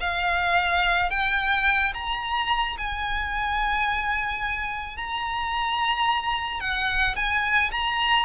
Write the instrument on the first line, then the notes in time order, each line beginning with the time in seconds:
violin
0.00 F5
1.10 G5
1.94 A#5
2.77 G#5
4.97 A#5
6.60 F#5
7.15 G#5
7.71 A#5